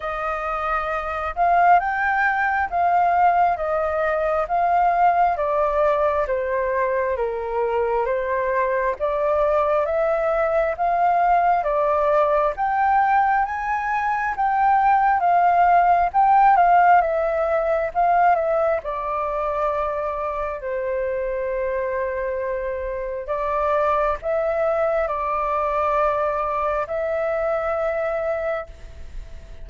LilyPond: \new Staff \with { instrumentName = "flute" } { \time 4/4 \tempo 4 = 67 dis''4. f''8 g''4 f''4 | dis''4 f''4 d''4 c''4 | ais'4 c''4 d''4 e''4 | f''4 d''4 g''4 gis''4 |
g''4 f''4 g''8 f''8 e''4 | f''8 e''8 d''2 c''4~ | c''2 d''4 e''4 | d''2 e''2 | }